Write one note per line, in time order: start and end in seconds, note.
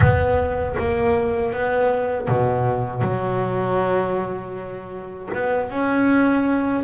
0.00 0.76 B3
0.78 1.53 A#3
1.53 2.28 B3
2.28 3.01 B2
3.01 5.29 F#3
5.34 5.70 B3
5.70 6.84 C#4